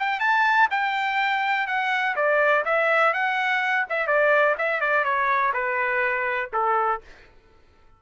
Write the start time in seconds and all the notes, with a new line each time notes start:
0.00 G5
0.20 A5
0.71 G5
1.67 F#5
2.16 D5
2.65 E5
3.14 F#5
3.90 E5
4.08 D5
4.59 E5
4.81 D5
5.05 C#5
5.54 B4
6.53 A4